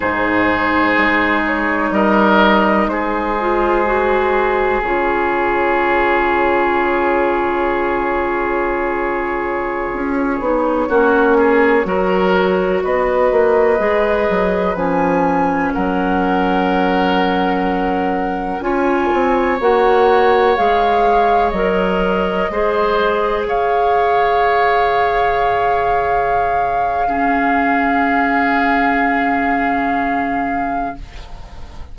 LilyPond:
<<
  \new Staff \with { instrumentName = "flute" } { \time 4/4 \tempo 4 = 62 c''4. cis''8 dis''4 c''4~ | c''4 cis''2.~ | cis''1~ | cis''4~ cis''16 dis''2 gis''8.~ |
gis''16 fis''2. gis''8.~ | gis''16 fis''4 f''4 dis''4.~ dis''16~ | dis''16 f''2.~ f''8.~ | f''1 | }
  \new Staff \with { instrumentName = "oboe" } { \time 4/4 gis'2 ais'4 gis'4~ | gis'1~ | gis'2.~ gis'16 fis'8 gis'16~ | gis'16 ais'4 b'2~ b'8.~ |
b'16 ais'2. cis''8.~ | cis''2.~ cis''16 c''8.~ | c''16 cis''2.~ cis''8. | gis'1 | }
  \new Staff \with { instrumentName = "clarinet" } { \time 4/4 dis'2.~ dis'8 f'8 | fis'4 f'2.~ | f'2~ f'8. dis'8 cis'8.~ | cis'16 fis'2 gis'4 cis'8.~ |
cis'2.~ cis'16 f'8.~ | f'16 fis'4 gis'4 ais'4 gis'8.~ | gis'1 | cis'1 | }
  \new Staff \with { instrumentName = "bassoon" } { \time 4/4 gis,4 gis4 g4 gis4~ | gis4 cis2.~ | cis2~ cis16 cis'8 b8 ais8.~ | ais16 fis4 b8 ais8 gis8 fis8 f8.~ |
f16 fis2. cis'8 c'16~ | c'16 ais4 gis4 fis4 gis8.~ | gis16 cis2.~ cis8.~ | cis1 | }
>>